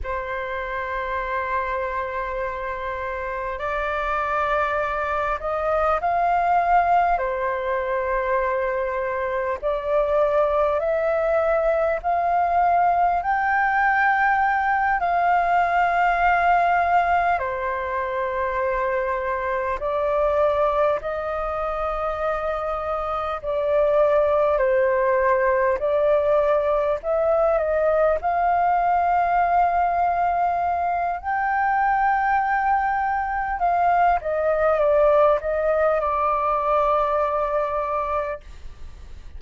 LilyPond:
\new Staff \with { instrumentName = "flute" } { \time 4/4 \tempo 4 = 50 c''2. d''4~ | d''8 dis''8 f''4 c''2 | d''4 e''4 f''4 g''4~ | g''8 f''2 c''4.~ |
c''8 d''4 dis''2 d''8~ | d''8 c''4 d''4 e''8 dis''8 f''8~ | f''2 g''2 | f''8 dis''8 d''8 dis''8 d''2 | }